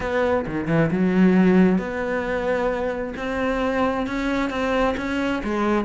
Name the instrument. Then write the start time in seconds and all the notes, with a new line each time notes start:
cello
0.00 B3
0.46 D#3
0.67 E3
0.91 F#3
1.78 B3
3.16 C4
4.06 C#4
4.50 C4
4.97 C#4
5.43 G#3